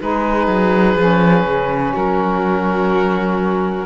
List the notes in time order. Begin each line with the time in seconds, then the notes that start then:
0.00 G#3 D#4 G#4 B4
0.47 F#3
0.95 F3 C#4
1.44 C#3
1.93 F#3 F#4 A#4